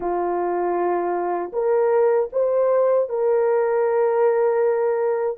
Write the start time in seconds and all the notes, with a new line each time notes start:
0.00 F4
1.52 A#4
2.32 C5
3.09 A#4